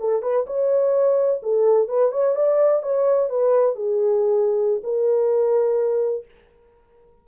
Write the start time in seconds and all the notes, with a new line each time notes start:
0.00 A4
0.22 B4
0.47 C#5
1.43 A4
1.88 B4
2.12 C#5
2.36 D5
2.83 C#5
3.30 B4
3.76 G#4
4.84 A#4